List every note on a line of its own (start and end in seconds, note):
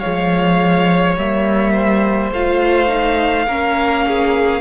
0.00 1.16 F3
0.00 1.18 G#3
0.00 1.73 C#5
0.00 1.15 F5
1.16 2.32 G3
1.16 2.34 A#3
1.16 2.33 E5
1.73 3.46 C5
2.32 3.47 A3
2.32 2.88 F4
2.32 4.62 F5
2.88 3.46 D#4
3.47 4.62 A#3
3.47 4.62 C#4
3.47 4.06 A#4
4.07 4.62 G#4